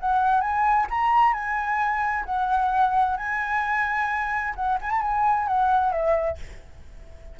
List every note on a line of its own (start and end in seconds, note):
0.00 0.41 F#5
0.41 0.86 G#5
0.90 1.33 A#5
1.33 2.25 G#5
2.25 3.17 F#5
3.17 4.54 G#5
4.56 4.78 F#5
4.81 4.90 G#5
4.90 5.02 A5
5.02 5.47 G#5
5.47 5.92 F#5
5.92 6.38 E5